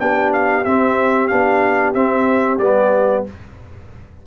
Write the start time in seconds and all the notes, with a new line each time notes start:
0.00 B3 D4 G4 G5
0.33 F5
0.65 C4 E5
1.28 B3 D4 F5
1.94 C4 E5
2.59 G3 B3 D5